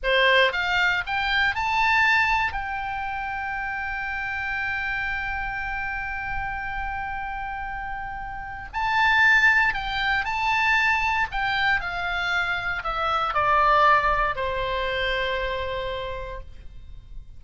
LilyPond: \new Staff \with { instrumentName = "oboe" } { \time 4/4 \tempo 4 = 117 c''4 f''4 g''4 a''4~ | a''4 g''2.~ | g''1~ | g''1~ |
g''4 a''2 g''4 | a''2 g''4 f''4~ | f''4 e''4 d''2 | c''1 | }